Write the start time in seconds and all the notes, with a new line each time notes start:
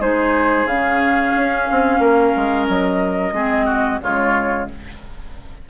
0.00 G#3 D#4 G#4 C5
0.66 C#3 C#4 F5
1.36 C#4
1.71 C4
1.99 A#3 A#4
2.36 G#3
2.68 F#3 D#5
3.32 G#3 C4 G#4
3.65 F#4
4.01 C#3 G#3 F4 C#5